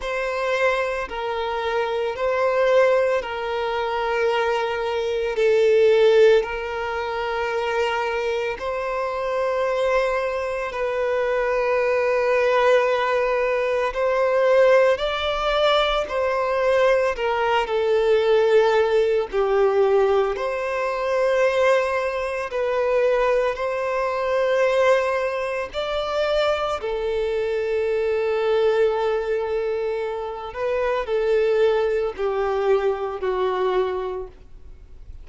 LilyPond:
\new Staff \with { instrumentName = "violin" } { \time 4/4 \tempo 4 = 56 c''4 ais'4 c''4 ais'4~ | ais'4 a'4 ais'2 | c''2 b'2~ | b'4 c''4 d''4 c''4 |
ais'8 a'4. g'4 c''4~ | c''4 b'4 c''2 | d''4 a'2.~ | a'8 b'8 a'4 g'4 fis'4 | }